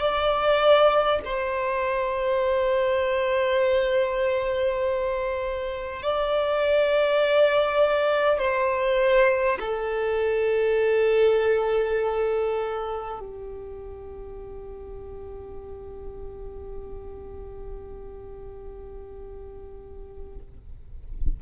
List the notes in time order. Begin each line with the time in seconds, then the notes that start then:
0.00 D5
1.25 C5
6.03 D5
8.38 C5
9.60 A4
13.19 G4